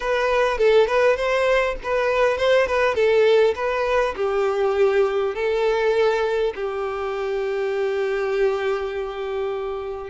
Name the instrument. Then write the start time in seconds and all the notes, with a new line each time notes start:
violin
0.00 B4
0.58 A4
0.87 B4
1.16 C5
1.83 B4
2.37 C5
2.67 B4
2.95 A4
3.55 B4
4.16 G4
5.34 A4
6.55 G4